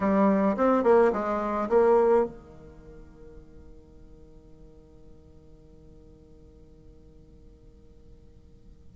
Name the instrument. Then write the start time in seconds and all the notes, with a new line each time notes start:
bassoon
0.00 G3
0.56 C4
0.83 A#3
1.12 G#3
1.69 A#3
2.25 D#3